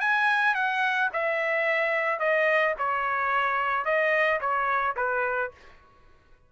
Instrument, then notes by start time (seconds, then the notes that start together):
trumpet
0.00 G#5
0.55 F#5
1.13 E5
2.19 D#5
2.78 C#5
3.85 D#5
4.40 C#5
4.96 B4